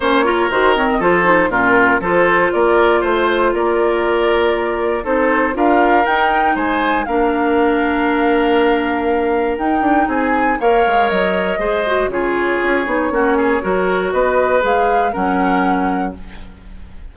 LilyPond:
<<
  \new Staff \with { instrumentName = "flute" } { \time 4/4 \tempo 4 = 119 cis''4 c''8 cis''16 dis''16 c''4 ais'4 | c''4 d''4 c''4 d''4~ | d''2 c''4 f''4 | g''4 gis''4 f''2~ |
f''2. g''4 | gis''4 f''4 dis''2 | cis''1 | dis''4 f''4 fis''2 | }
  \new Staff \with { instrumentName = "oboe" } { \time 4/4 c''8 ais'4. a'4 f'4 | a'4 ais'4 c''4 ais'4~ | ais'2 a'4 ais'4~ | ais'4 c''4 ais'2~ |
ais'1 | gis'4 cis''2 c''4 | gis'2 fis'8 gis'8 ais'4 | b'2 ais'2 | }
  \new Staff \with { instrumentName = "clarinet" } { \time 4/4 cis'8 f'8 fis'8 c'8 f'8 dis'8 cis'4 | f'1~ | f'2 dis'4 f'4 | dis'2 d'2~ |
d'2. dis'4~ | dis'4 ais'2 gis'8 fis'8 | f'4. dis'8 cis'4 fis'4~ | fis'4 gis'4 cis'2 | }
  \new Staff \with { instrumentName = "bassoon" } { \time 4/4 ais4 dis4 f4 ais,4 | f4 ais4 a4 ais4~ | ais2 c'4 d'4 | dis'4 gis4 ais2~ |
ais2. dis'8 d'8 | c'4 ais8 gis8 fis4 gis4 | cis4 cis'8 b8 ais4 fis4 | b4 gis4 fis2 | }
>>